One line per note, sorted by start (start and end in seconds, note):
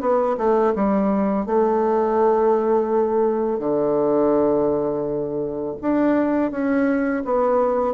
0.00 0.36 B3
0.37 0.73 A3
0.75 1.46 G3
1.46 3.59 A3
3.59 5.76 D3
5.81 6.51 D4
6.51 7.23 C#4
7.24 7.94 B3